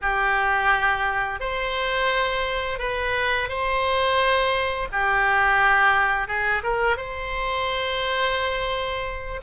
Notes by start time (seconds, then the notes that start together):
0.01 G4
1.40 C5
2.78 B4
3.48 C5
4.92 G4
6.27 G#4
6.63 A#4
6.96 C5